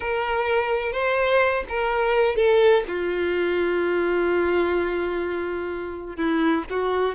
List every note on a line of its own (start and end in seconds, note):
0.00 0.92 A#4
0.92 1.63 C5
1.68 2.36 A#4
2.36 2.83 A4
2.87 6.16 F4
6.16 6.64 E4
6.69 7.14 F#4